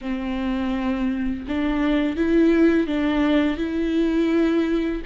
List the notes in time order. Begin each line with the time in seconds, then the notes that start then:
0.01 C4
1.48 D4
2.16 E4
2.86 D4
3.57 E4